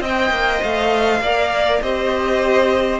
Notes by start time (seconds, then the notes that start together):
0.00 C4 C5 D#5 G5
0.30 A#3
0.63 A3 F5
1.20 A#3 D5
1.26 A#4
1.82 C4 G4 C5 D#5